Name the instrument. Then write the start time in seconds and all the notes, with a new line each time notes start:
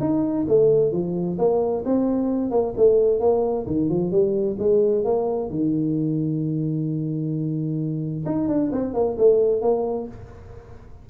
tuba
0.00 D#4
0.48 A3
0.92 F3
1.38 A#3
1.85 C4
2.51 A#3
2.77 A3
3.20 A#3
3.66 D#3
3.89 F3
4.11 G3
4.59 G#3
5.04 A#3
5.50 D#3
8.26 D#4
8.48 D4
8.72 C4
8.94 A#3
9.18 A3
9.62 A#3